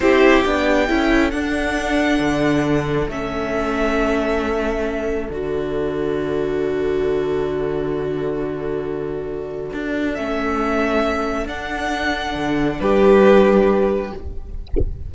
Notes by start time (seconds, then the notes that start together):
0.00 C4 E4 G4 C5
0.43 B3 D4 G5
0.87 C#4 E4 A4
1.30 D4 F#5
2.19 D3
3.07 A3 C#4 E5
5.29 D3 F#4 D5
9.73 D4
10.14 A3 C#4 E5
11.45 D4 F#5
12.34 D3
12.80 G3 G4 B4